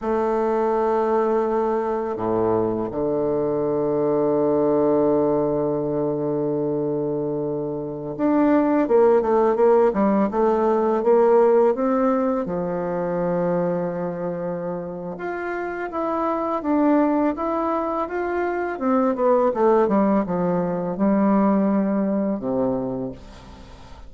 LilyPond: \new Staff \with { instrumentName = "bassoon" } { \time 4/4 \tempo 4 = 83 a2. a,4 | d1~ | d2.~ d16 d'8.~ | d'16 ais8 a8 ais8 g8 a4 ais8.~ |
ais16 c'4 f2~ f8.~ | f4 f'4 e'4 d'4 | e'4 f'4 c'8 b8 a8 g8 | f4 g2 c4 | }